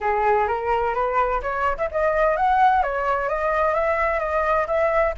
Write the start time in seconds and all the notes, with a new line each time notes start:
0.00 G#4
0.47 A#4
0.94 B4
1.42 C#5
1.77 E5
1.91 D#5
2.36 F#5
2.82 C#5
3.29 D#5
3.74 E5
4.19 D#5
4.67 E5